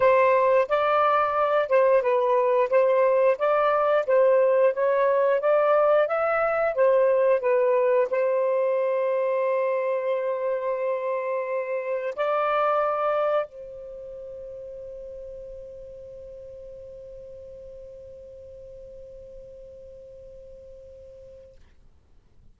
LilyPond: \new Staff \with { instrumentName = "saxophone" } { \time 4/4 \tempo 4 = 89 c''4 d''4. c''8 b'4 | c''4 d''4 c''4 cis''4 | d''4 e''4 c''4 b'4 | c''1~ |
c''2 d''2 | c''1~ | c''1~ | c''1 | }